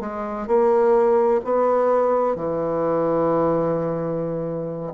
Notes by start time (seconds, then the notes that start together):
0.00 G#3
0.47 A#3
1.44 B3
2.36 E3